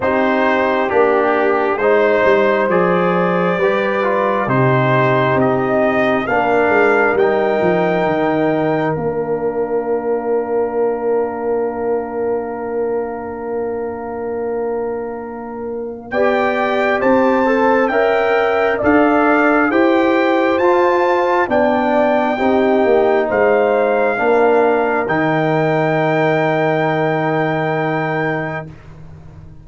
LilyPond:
<<
  \new Staff \with { instrumentName = "trumpet" } { \time 4/4 \tempo 4 = 67 c''4 g'4 c''4 d''4~ | d''4 c''4 dis''4 f''4 | g''2 f''2~ | f''1~ |
f''2 g''4 a''4 | g''4 f''4 g''4 a''4 | g''2 f''2 | g''1 | }
  \new Staff \with { instrumentName = "horn" } { \time 4/4 g'2 c''2 | b'4 g'2 ais'4~ | ais'1~ | ais'1~ |
ais'2 d''4 c''4 | e''4 d''4 c''2 | d''4 g'4 c''4 ais'4~ | ais'1 | }
  \new Staff \with { instrumentName = "trombone" } { \time 4/4 dis'4 d'4 dis'4 gis'4 | g'8 f'8 dis'2 d'4 | dis'2 d'2~ | d'1~ |
d'2 g'4. a'8 | ais'4 a'4 g'4 f'4 | d'4 dis'2 d'4 | dis'1 | }
  \new Staff \with { instrumentName = "tuba" } { \time 4/4 c'4 ais4 gis8 g8 f4 | g4 c4 c'4 ais8 gis8 | g8 f8 dis4 ais2~ | ais1~ |
ais2 b4 c'4 | cis'4 d'4 e'4 f'4 | b4 c'8 ais8 gis4 ais4 | dis1 | }
>>